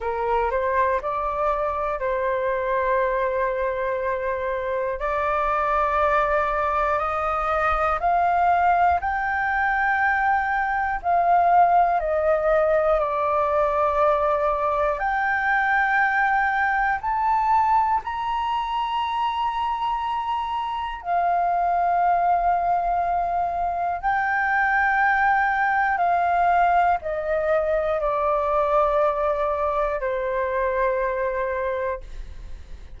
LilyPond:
\new Staff \with { instrumentName = "flute" } { \time 4/4 \tempo 4 = 60 ais'8 c''8 d''4 c''2~ | c''4 d''2 dis''4 | f''4 g''2 f''4 | dis''4 d''2 g''4~ |
g''4 a''4 ais''2~ | ais''4 f''2. | g''2 f''4 dis''4 | d''2 c''2 | }